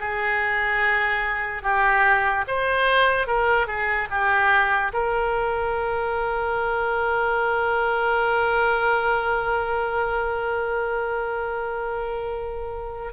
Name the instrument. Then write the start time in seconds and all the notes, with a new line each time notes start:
oboe
0.00 G#4
1.63 G4
2.48 C5
3.27 A#4
3.67 G#4
4.10 G4
4.93 A#4